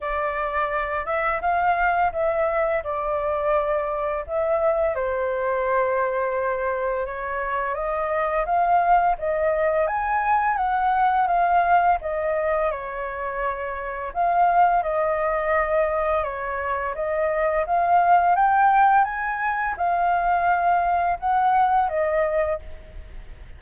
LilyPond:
\new Staff \with { instrumentName = "flute" } { \time 4/4 \tempo 4 = 85 d''4. e''8 f''4 e''4 | d''2 e''4 c''4~ | c''2 cis''4 dis''4 | f''4 dis''4 gis''4 fis''4 |
f''4 dis''4 cis''2 | f''4 dis''2 cis''4 | dis''4 f''4 g''4 gis''4 | f''2 fis''4 dis''4 | }